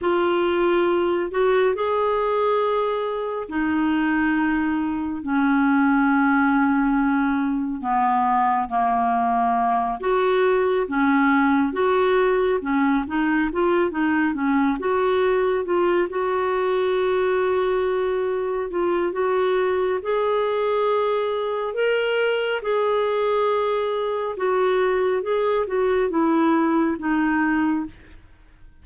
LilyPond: \new Staff \with { instrumentName = "clarinet" } { \time 4/4 \tempo 4 = 69 f'4. fis'8 gis'2 | dis'2 cis'2~ | cis'4 b4 ais4. fis'8~ | fis'8 cis'4 fis'4 cis'8 dis'8 f'8 |
dis'8 cis'8 fis'4 f'8 fis'4.~ | fis'4. f'8 fis'4 gis'4~ | gis'4 ais'4 gis'2 | fis'4 gis'8 fis'8 e'4 dis'4 | }